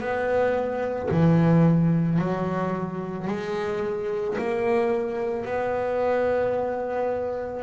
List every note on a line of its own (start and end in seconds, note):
0.00 1.09 B3
1.11 2.18 E3
2.18 3.27 F#3
3.27 4.36 G#3
4.38 5.45 A#3
5.45 7.62 B3